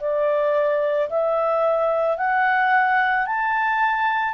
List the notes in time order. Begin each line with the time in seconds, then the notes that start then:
0.00 D5
1.10 E5
2.18 F#5
3.27 A5